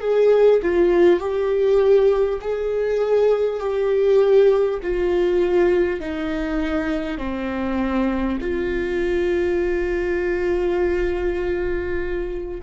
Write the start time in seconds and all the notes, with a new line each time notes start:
0.00 G#4
0.62 F4
1.19 G4
2.41 G#4
3.59 G4
4.82 F4
6.00 D#4
7.17 C4
8.41 F4